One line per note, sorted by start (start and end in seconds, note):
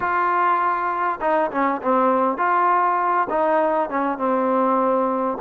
0.00 1.19 F4
1.20 1.50 D#4
1.51 1.81 C#4
1.81 2.37 C4
2.37 3.27 F4
3.29 3.89 D#4
3.89 4.18 C#4
4.18 5.38 C4